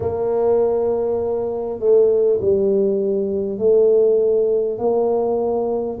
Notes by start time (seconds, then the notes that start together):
0.00 A#3
1.79 A3
2.41 G3
3.58 A3
4.78 A#3